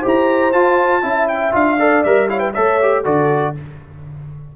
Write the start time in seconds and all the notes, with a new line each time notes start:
0.00 E4 G4 C5
0.07 A#5
0.52 F4 A5
1.02 C#4 E4 E5
1.28 G5
1.51 D4 F4 F5
1.79 A4 D5
2.03 G3 A#4 E5
2.29 E4 C#5 F5
2.39 B4 G5
2.53 A3 A4 C#5 E5
2.82 G4
3.03 D3 F#4 A4 D5